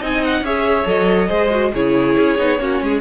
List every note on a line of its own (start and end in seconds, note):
0.00 0.42 C4
0.00 0.44 D#4
0.00 0.43 D#5
0.00 0.24 G#5
0.24 0.45 F#5
0.42 0.85 C#4
0.42 0.85 G#4
0.42 1.28 C#5
0.42 0.88 E5
0.85 1.29 F#3
0.85 1.28 A4
0.85 1.74 D#5
1.28 1.73 G#3
1.28 1.50 G#4
1.28 1.71 C5
1.51 1.72 F#4
1.73 2.16 C#3
1.73 2.38 E4
1.73 2.60 G#4
1.73 3.01 C#5
2.18 2.38 C#4
2.38 2.59 B3
2.38 2.58 D#4
2.58 2.81 A#3
2.58 3.01 C#4
2.58 2.83 F#4
2.81 3.01 G#3
2.81 3.01 G#4